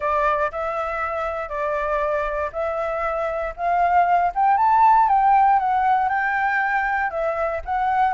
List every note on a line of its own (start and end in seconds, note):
0.00 0.51 D5
0.51 1.48 E5
1.48 2.50 D5
2.52 3.53 E5
3.56 4.32 F5
4.34 4.57 G5
4.57 5.08 A5
5.08 5.59 G5
5.59 6.08 F#5
6.08 7.10 G5
7.10 7.61 E5
7.65 8.13 F#5